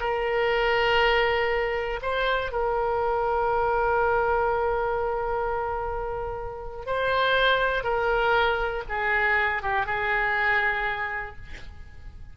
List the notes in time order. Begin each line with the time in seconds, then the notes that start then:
0.00 A#4
2.02 C5
2.52 A#4
6.86 C5
7.84 A#4
8.89 G#4
9.62 G4
9.86 G#4